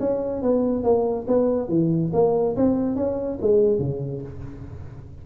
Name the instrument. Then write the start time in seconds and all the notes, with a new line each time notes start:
tuba
0.00 C#4
0.42 B3
0.84 A#3
1.27 B3
1.69 E3
2.13 A#3
2.56 C4
2.96 C#4
3.41 G#3
3.79 C#3